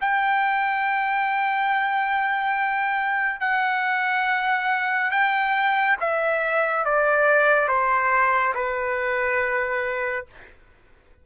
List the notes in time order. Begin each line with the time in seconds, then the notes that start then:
0.00 G5
3.40 F#5
5.10 G5
6.00 E5
6.85 D5
7.68 C5
8.54 B4